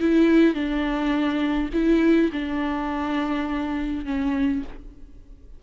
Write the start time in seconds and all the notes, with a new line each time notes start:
0.00 E4
0.54 D4
1.73 E4
2.33 D4
4.05 C#4